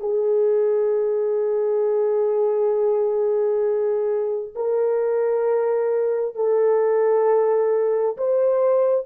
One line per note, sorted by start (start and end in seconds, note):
0.00 4.55 G#4
4.55 6.35 A#4
6.35 8.17 A4
8.17 9.06 C5